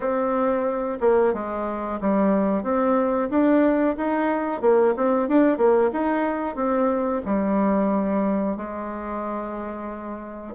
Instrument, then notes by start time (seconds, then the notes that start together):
bassoon
0.00 C4
1.00 A#3
1.33 G#3
2.00 G3
2.63 C4
3.30 D4
3.97 D#4
4.61 A#3
4.96 C4
5.28 D4
5.57 A#3
5.92 D#4
6.55 C4
7.25 G3
8.56 G#3